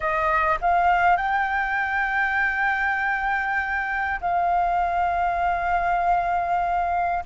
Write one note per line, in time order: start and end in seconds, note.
0.00 0.58 D#5
0.61 1.17 F5
1.17 4.20 G5
4.20 7.23 F5